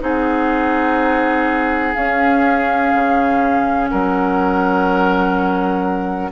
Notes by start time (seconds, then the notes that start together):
0.00 C4 D#4 G#4 F#5
1.94 C#4 F5
2.94 C#3
3.89 F#3 A#4 F#5